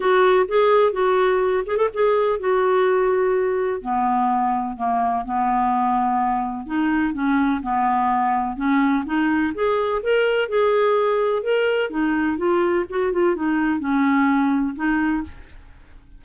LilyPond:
\new Staff \with { instrumentName = "clarinet" } { \time 4/4 \tempo 4 = 126 fis'4 gis'4 fis'4. gis'16 a'16 | gis'4 fis'2. | b2 ais4 b4~ | b2 dis'4 cis'4 |
b2 cis'4 dis'4 | gis'4 ais'4 gis'2 | ais'4 dis'4 f'4 fis'8 f'8 | dis'4 cis'2 dis'4 | }